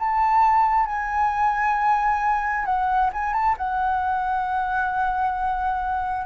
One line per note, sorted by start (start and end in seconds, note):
0.00 0.86 A5
0.86 2.65 G#5
2.66 3.11 F#5
3.13 3.33 G#5
3.33 3.56 A5
3.58 6.26 F#5